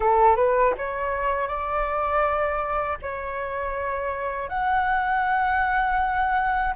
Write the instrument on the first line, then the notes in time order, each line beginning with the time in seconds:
flute
0.00 A4
0.36 B4
0.77 C#5
1.47 D5
3.02 C#5
4.48 F#5